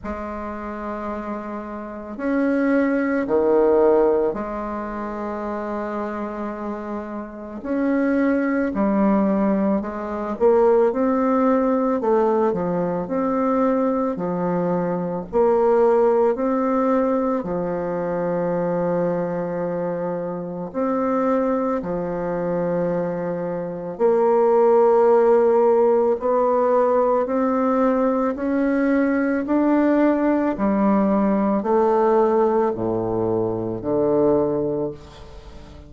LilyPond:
\new Staff \with { instrumentName = "bassoon" } { \time 4/4 \tempo 4 = 55 gis2 cis'4 dis4 | gis2. cis'4 | g4 gis8 ais8 c'4 a8 f8 | c'4 f4 ais4 c'4 |
f2. c'4 | f2 ais2 | b4 c'4 cis'4 d'4 | g4 a4 a,4 d4 | }